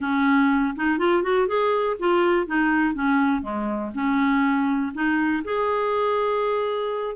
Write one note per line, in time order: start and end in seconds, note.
0.00 0.74 C#4
0.75 0.98 D#4
0.98 1.23 F4
1.23 1.47 F#4
1.47 1.96 G#4
1.99 2.46 F4
2.46 2.94 D#4
2.94 3.42 C#4
3.42 3.91 G#3
3.94 4.92 C#4
4.94 5.43 D#4
5.44 7.15 G#4